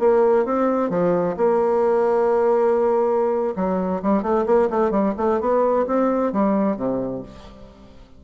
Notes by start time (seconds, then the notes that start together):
0.00 A#3
0.46 C4
0.90 F3
1.37 A#3
3.56 F#3
4.03 G3
4.23 A3
4.46 A#3
4.70 A3
4.91 G3
5.18 A3
5.41 B3
5.87 C4
6.33 G3
6.77 C3